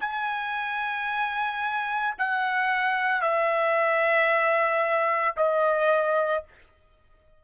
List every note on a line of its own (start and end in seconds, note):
0.00 2.14 G#5
2.18 3.21 F#5
3.21 5.35 E5
5.37 6.44 D#5